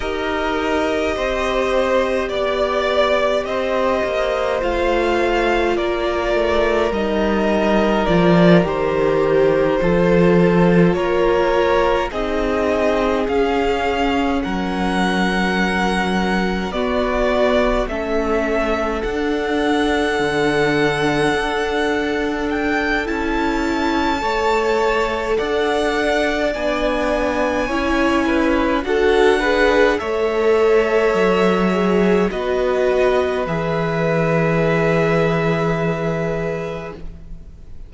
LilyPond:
<<
  \new Staff \with { instrumentName = "violin" } { \time 4/4 \tempo 4 = 52 dis''2 d''4 dis''4 | f''4 d''4 dis''4 d''8 c''8~ | c''4. cis''4 dis''4 f''8~ | f''8 fis''2 d''4 e''8~ |
e''8 fis''2. g''8 | a''2 fis''4 gis''4~ | gis''4 fis''4 e''2 | dis''4 e''2. | }
  \new Staff \with { instrumentName = "violin" } { \time 4/4 ais'4 c''4 d''4 c''4~ | c''4 ais'2.~ | ais'8 a'4 ais'4 gis'4.~ | gis'8 ais'2 fis'4 a'8~ |
a'1~ | a'4 cis''4 d''2 | cis''8 b'8 a'8 b'8 cis''2 | b'1 | }
  \new Staff \with { instrumentName = "viola" } { \time 4/4 g'1 | f'2 dis'4 f'8 g'8~ | g'8 f'2 dis'4 cis'8~ | cis'2~ cis'8 b4 cis'8~ |
cis'8 d'2.~ d'8 | e'4 a'2 d'4 | e'4 fis'8 gis'8 a'4. gis'8 | fis'4 gis'2. | }
  \new Staff \with { instrumentName = "cello" } { \time 4/4 dis'4 c'4 b4 c'8 ais8 | a4 ais8 a8 g4 f8 dis8~ | dis8 f4 ais4 c'4 cis'8~ | cis'8 fis2 b4 a8~ |
a8 d'4 d4 d'4. | cis'4 a4 d'4 b4 | cis'4 d'4 a4 fis4 | b4 e2. | }
>>